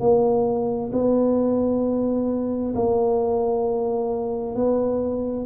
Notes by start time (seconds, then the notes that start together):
0.00 A#3
0.93 B3
2.75 A#3
4.55 B3